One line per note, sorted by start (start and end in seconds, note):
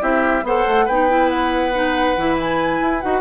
0.00 0.43 C4
0.00 0.43 E4
0.00 0.44 G4
0.00 0.45 E5
0.43 0.64 B3
0.43 0.88 A4
0.43 0.85 C5
0.43 0.88 F#5
0.67 0.88 A3
0.85 2.17 B3
0.85 1.09 D#4
0.85 3.21 B4
0.85 1.29 G5
1.09 1.73 E4
1.29 2.36 F#5
1.73 2.16 D#4
2.17 2.81 E3
2.17 3.02 E4
2.40 3.01 G#5
2.81 3.03 E4
3.01 3.21 D#4
3.01 3.21 F#4
3.01 3.21 F#5